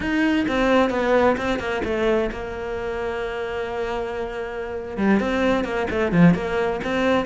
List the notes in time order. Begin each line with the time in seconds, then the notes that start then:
0.00 D#4
0.47 C4
0.90 B3
1.37 C4
1.59 A#3
1.84 A3
2.31 A#3
4.97 G3
5.19 C4
5.64 A#3
5.90 A3
6.12 F3
6.34 A#3
6.83 C4